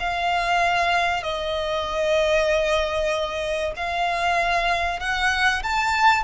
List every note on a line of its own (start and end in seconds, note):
0.00 1.23 F5
1.23 3.73 D#5
3.76 5.00 F5
5.00 5.62 F#5
5.63 6.24 A5